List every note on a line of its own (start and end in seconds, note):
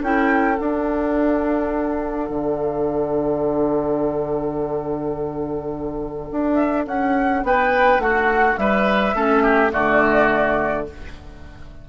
0.00 0.59 C#4
0.00 0.57 E4
0.00 7.43 A4
0.00 0.59 G5
0.57 9.14 D4
0.57 2.30 D4
0.57 6.55 F#5
2.30 6.30 D3
6.32 6.87 D4
6.55 6.83 E5
6.87 7.44 C#4
6.87 7.45 F#5
7.44 7.99 B3
7.44 8.03 B4
7.44 8.01 G5
7.99 8.56 A3
7.99 8.60 F#4
7.99 8.58 F#5
8.58 9.14 G3
8.58 9.16 B4
8.58 9.72 E5
9.14 9.72 A3
9.14 9.72 C#4
9.14 9.43 A4
9.43 9.72 G4
9.72 10.89 D3
9.72 10.86 A3
9.72 10.87 F#4
9.72 10.87 D5